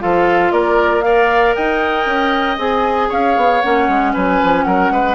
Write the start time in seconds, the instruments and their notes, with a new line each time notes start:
0.00 bassoon F3, clarinet F4, oboe A4, flute F5
0.52 bassoon A#3, oboe A#4, flute D5
1.02 clarinet A#4, oboe D5, flute F5
1.55 bassoon D#4, oboe D#5, flute G5
2.06 bassoon C#4
2.58 bassoon C4, clarinet G#4, flute G#5
3.10 bassoon C#4, oboe C#5, flute F5
3.37 bassoon B3
3.62 bassoon A#3, clarinet C#4, flute F#5
3.89 bassoon G#3
4.13 bassoon F#3, oboe B4, flute G#5
4.44 bassoon F3
4.64 bassoon F#3, oboe A#4, flute F#5
4.91 bassoon G#3, oboe B4